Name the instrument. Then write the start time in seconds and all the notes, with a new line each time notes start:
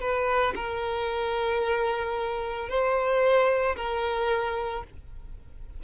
violin
0.00 B4
0.56 A#4
2.69 C5
3.76 A#4